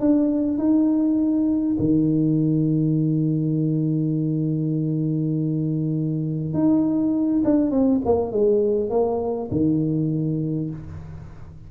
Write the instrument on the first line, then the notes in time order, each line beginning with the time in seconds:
tuba
0.00 D4
0.58 D#4
1.79 D#3
6.53 D#4
7.44 D4
7.71 C4
8.05 A#3
8.32 G#3
8.90 A#3
9.51 D#3